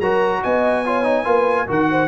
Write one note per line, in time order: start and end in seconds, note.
0.00 0.42 F#3
0.00 0.85 F#4
0.00 0.42 A#4
0.00 0.42 A#5
0.43 1.26 B3
0.43 0.85 D#5
0.43 1.69 G#5
0.85 1.04 F4
0.85 1.25 C#5
1.04 1.25 D#4
1.25 1.68 A#3
1.25 1.67 F4
1.25 1.67 B4
1.67 2.08 D#3
1.67 2.08 F#4
1.67 1.89 A#4
1.67 2.08 F#5
1.91 2.08 C5